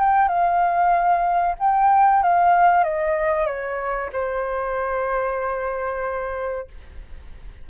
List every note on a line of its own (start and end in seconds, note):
0.00 0.29 G5
0.29 1.56 F5
1.60 2.23 G5
2.23 2.84 F5
2.84 3.46 D#5
3.46 4.10 C#5
4.13 6.68 C5